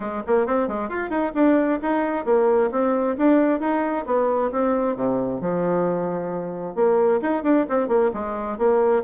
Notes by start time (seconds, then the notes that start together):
0.00 G#3
0.26 A#3
0.46 C4
0.67 G#3
0.89 F4
1.10 D#4
1.34 D4
1.81 D#4
2.25 A#3
2.71 C4
3.17 D4
3.59 D#4
4.06 B3
4.51 C4
4.96 C3
5.41 F3
6.75 A#3
7.21 D#4
7.43 D4
7.69 C4
7.88 A#3
8.13 G#3
8.57 A#3